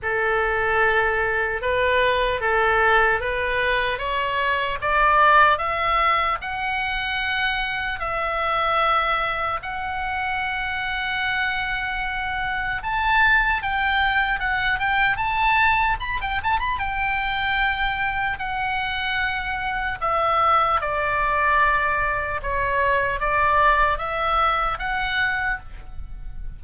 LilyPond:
\new Staff \with { instrumentName = "oboe" } { \time 4/4 \tempo 4 = 75 a'2 b'4 a'4 | b'4 cis''4 d''4 e''4 | fis''2 e''2 | fis''1 |
a''4 g''4 fis''8 g''8 a''4 | b''16 g''16 a''16 b''16 g''2 fis''4~ | fis''4 e''4 d''2 | cis''4 d''4 e''4 fis''4 | }